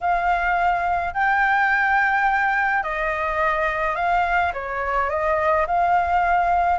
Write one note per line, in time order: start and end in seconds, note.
0.00 1.13 F5
1.14 2.83 G5
2.83 3.95 D#5
3.95 4.52 F5
4.53 5.09 C#5
5.09 5.66 D#5
5.66 6.78 F5